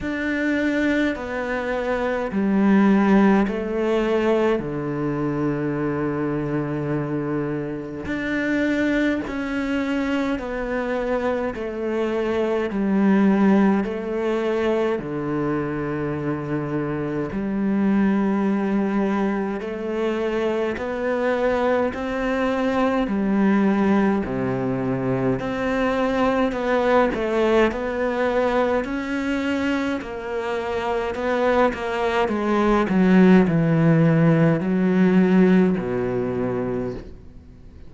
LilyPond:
\new Staff \with { instrumentName = "cello" } { \time 4/4 \tempo 4 = 52 d'4 b4 g4 a4 | d2. d'4 | cis'4 b4 a4 g4 | a4 d2 g4~ |
g4 a4 b4 c'4 | g4 c4 c'4 b8 a8 | b4 cis'4 ais4 b8 ais8 | gis8 fis8 e4 fis4 b,4 | }